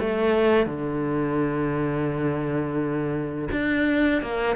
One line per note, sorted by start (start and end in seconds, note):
0.00 0.67 A3
0.67 3.49 D3
3.51 4.22 D4
4.22 4.56 A#3